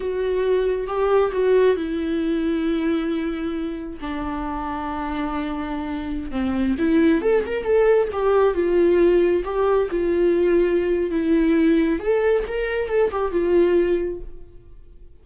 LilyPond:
\new Staff \with { instrumentName = "viola" } { \time 4/4 \tempo 4 = 135 fis'2 g'4 fis'4 | e'1~ | e'4 d'2.~ | d'2~ d'16 c'4 e'8.~ |
e'16 a'8 ais'8 a'4 g'4 f'8.~ | f'4~ f'16 g'4 f'4.~ f'16~ | f'4 e'2 a'4 | ais'4 a'8 g'8 f'2 | }